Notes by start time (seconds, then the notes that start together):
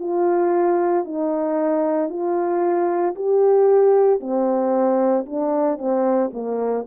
0.00 F4
1.05 D#4
2.10 F4
3.15 G4
4.20 C4
5.26 D4
5.78 C4
6.33 A#3